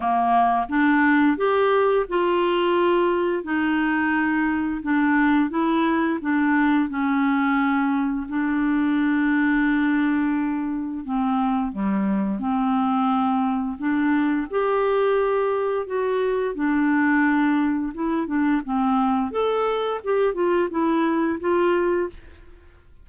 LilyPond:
\new Staff \with { instrumentName = "clarinet" } { \time 4/4 \tempo 4 = 87 ais4 d'4 g'4 f'4~ | f'4 dis'2 d'4 | e'4 d'4 cis'2 | d'1 |
c'4 g4 c'2 | d'4 g'2 fis'4 | d'2 e'8 d'8 c'4 | a'4 g'8 f'8 e'4 f'4 | }